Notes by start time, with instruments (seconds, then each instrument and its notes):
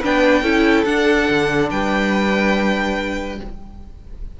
0.00 cello B3, viola D4, violin B4 G5
0.42 cello C#4, viola E4, violin A4
0.85 cello D4, viola D4, violin F#5
1.29 cello D3
1.70 cello G3, violin B4 G5